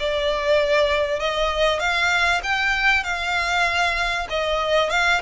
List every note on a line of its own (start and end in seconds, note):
0.00 1.20 D5
1.20 1.80 D#5
1.80 2.42 F5
2.43 3.04 G5
3.04 4.27 F5
4.30 4.90 D#5
4.90 5.21 F5